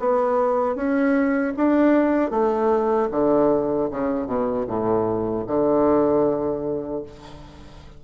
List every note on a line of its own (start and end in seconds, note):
0.00 0.76 B3
0.76 1.54 C#4
1.57 2.31 D4
2.31 3.09 A3
3.12 3.90 D3
3.91 4.27 C#3
4.27 4.66 B2
4.67 5.45 A2
5.48 7.03 D3